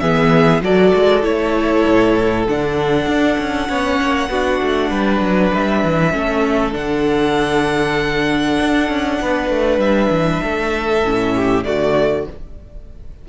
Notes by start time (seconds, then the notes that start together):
0.00 E3 B3 G#4 E5
0.62 F#3 F#4 A4 D5
0.95 G#3
1.23 A3 E4 C#5
1.87 A2
2.48 D3 D4 F#5
3.07 D4
3.39 C#4
3.68 B3 C#4 C#5
4.01 A#3
4.30 B3 D4 F#4
4.63 A3
4.91 G3 B4
5.21 F#3
5.55 G3 E5
5.84 E3
6.12 A3 C#4 A4
6.72 D3 D4 F#5
8.61 D4
8.89 C#4
9.22 B3 B4
9.50 A3
9.79 G3 E5
10.11 E3
10.44 A3 A4
11.03 A2 C#4
11.35 G4
11.65 D3 A3 F#4 D5